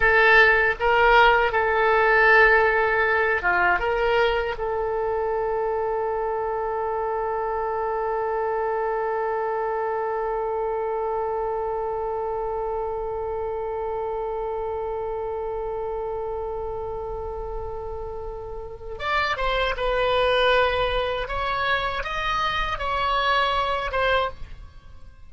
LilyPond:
\new Staff \with { instrumentName = "oboe" } { \time 4/4 \tempo 4 = 79 a'4 ais'4 a'2~ | a'8 f'8 ais'4 a'2~ | a'1~ | a'1~ |
a'1~ | a'1~ | a'4 d''8 c''8 b'2 | cis''4 dis''4 cis''4. c''8 | }